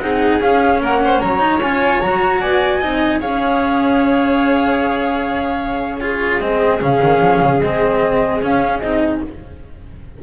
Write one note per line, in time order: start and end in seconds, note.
0.00 0.40 C4
0.00 0.41 D#4
0.00 0.81 G#4
0.00 0.40 F#5
0.40 0.80 C#4
0.40 1.39 C#4
0.40 0.81 F5
0.81 1.21 A#3
0.81 1.01 A#4
0.81 1.20 F#5
1.04 1.21 C5
1.20 1.59 F#3
1.20 2.41 C#5
1.20 1.60 A#5
1.39 1.59 D#4
1.59 1.99 C#4
1.59 2.03 F4
1.59 2.01 G#5
2.01 2.42 F#3
2.01 2.81 F#4
2.01 2.41 A#5
2.41 2.83 B3
2.41 2.79 D5
2.41 3.21 G#5
2.79 3.23 C4
2.79 3.21 D#4
2.79 3.19 D#5
3.20 6.40 C#4
3.20 6.01 G#4
3.20 6.00 C#5
3.20 5.98 F5
5.98 6.41 F4
5.98 9.20 G#4
5.98 6.38 C#5
6.40 6.80 G#3
6.40 6.81 C4
6.40 6.80 D#5
6.81 7.01 C#3
6.81 7.61 C#4
6.81 7.62 F5
7.03 7.21 D#3
7.21 7.41 F3
7.42 7.60 C#3
7.60 8.40 G#3
7.60 8.42 C4
7.60 8.42 D#5
8.42 8.82 C#4
8.42 8.79 F5
8.79 9.22 C4
8.79 9.23 D#4
8.79 9.19 D#5